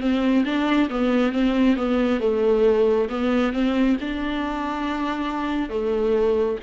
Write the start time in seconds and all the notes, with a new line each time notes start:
0.00 C4
0.45 D4
0.89 B3
1.32 C4
1.76 B3
2.20 A3
3.09 B3
3.52 C4
4.00 D4
5.69 A3